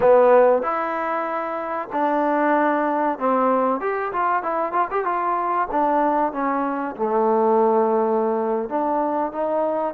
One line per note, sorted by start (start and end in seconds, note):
0.00 0.62 B3
0.62 1.88 E4
1.92 3.18 D4
3.19 3.80 C4
3.80 4.12 G4
4.12 4.42 F4
4.42 4.72 E4
4.72 4.88 F4
4.91 5.04 G4
5.04 5.68 F4
5.71 6.32 D4
6.32 6.95 C#4
6.96 8.69 A3
8.69 9.32 D4
9.32 9.94 D#4